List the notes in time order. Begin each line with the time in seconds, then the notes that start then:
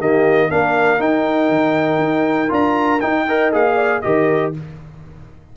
0.00 D#3 A#3 G4 D#5
0.48 A#3 D4 A#4 F5
0.99 D#4 G5
1.50 D#3
1.99 D#4
2.49 D4 F4 A#5
3.01 D#4 G5
3.28 A#4 D#5
3.52 A#3 G#4 F5
3.76 D5
4.02 D#3 G4 A#4 D#5